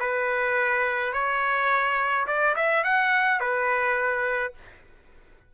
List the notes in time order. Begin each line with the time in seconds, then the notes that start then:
0.00 B4
1.13 C#5
2.27 D5
2.56 E5
2.84 F#5
3.40 B4